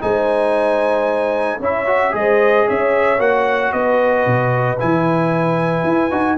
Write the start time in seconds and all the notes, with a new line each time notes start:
0.00 G#3 D#4 C5 G#5
1.59 C#4 E4 C#5 E5
1.86 F#4
2.11 G#3 G#4 D#5
2.17 C5
2.66 C#4 C#5 E5
3.18 A#3 F#4 F#5
3.72 B3 B4 D#5
4.26 B2
4.79 E3 E4 G#5
5.84 E4
6.11 D#4 F#4